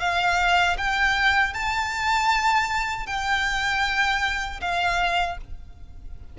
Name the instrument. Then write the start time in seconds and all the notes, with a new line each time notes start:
violin
0.00 F5
0.78 G5
1.54 A5
3.07 G5
4.61 F5